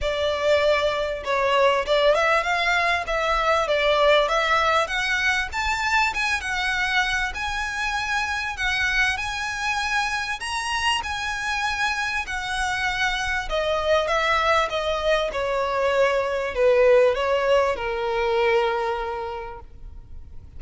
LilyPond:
\new Staff \with { instrumentName = "violin" } { \time 4/4 \tempo 4 = 98 d''2 cis''4 d''8 e''8 | f''4 e''4 d''4 e''4 | fis''4 a''4 gis''8 fis''4. | gis''2 fis''4 gis''4~ |
gis''4 ais''4 gis''2 | fis''2 dis''4 e''4 | dis''4 cis''2 b'4 | cis''4 ais'2. | }